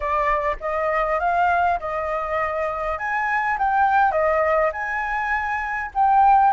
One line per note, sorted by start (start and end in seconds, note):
0.00 0.56 D5
0.60 1.19 D#5
1.19 1.79 F5
1.79 2.98 D#5
2.98 3.57 G#5
3.58 4.11 G5
4.11 4.70 D#5
4.72 5.91 G#5
5.94 6.53 G5